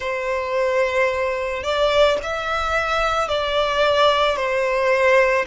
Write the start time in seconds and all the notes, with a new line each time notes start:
0.00 C5
1.63 D5
2.22 E5
3.28 D5
4.36 C5